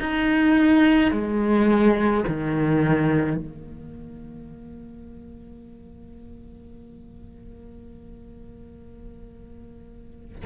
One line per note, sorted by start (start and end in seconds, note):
0.00 1.11 D#4
1.11 2.24 G#3
2.28 3.37 D#3
3.37 10.45 A#3